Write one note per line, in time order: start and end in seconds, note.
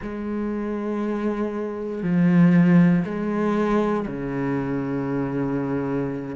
0.01 2.02 G#3
2.02 3.04 F3
3.04 4.06 G#3
4.07 6.36 C#3